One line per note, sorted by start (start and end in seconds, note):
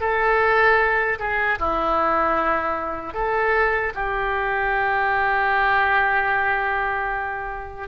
0.00 1.18 A4
1.19 1.59 G#4
1.59 3.14 E4
3.14 3.93 A4
3.95 7.88 G4